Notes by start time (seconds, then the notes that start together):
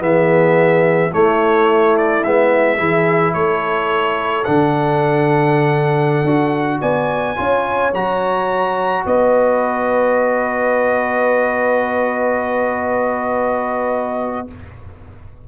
0.00 E3 B3 G#4 E5
1.12 A3 E4 C#5
1.97 D5
2.24 G#3 B3 E5
2.78 E3 E4 G#4
3.34 A3 A4 C#5
4.44 D3 D4 F#5
6.24 D4 F#4
6.80 B3 D5 G#5
7.36 C#4 F4 C#5
7.93 F#3 F#4 A#5
9.06 B3 B4 D#5